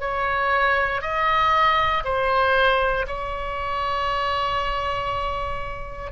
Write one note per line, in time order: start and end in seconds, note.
0.00 1.02 C#5
1.02 2.03 D#5
2.04 3.06 C5
3.07 6.12 C#5